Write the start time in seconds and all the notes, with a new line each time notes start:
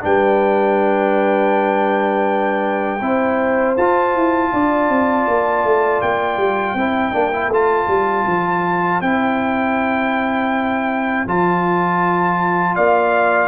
0.00 G3 D4 B4 G5
3.02 C4 E4 C5
3.77 F4 A5
4.15 E4
4.53 D4 D5
4.89 C4
5.28 A#3
5.65 A3
6.02 A#3 G5
6.37 G3
6.75 C4 E4 C5
7.13 A#3 D4
7.33 E4
7.49 A3 F4 A5
7.88 G3
8.27 F3
9.01 C4 E4 G5
11.27 F3 F4 A5
12.76 A#3 D5 F5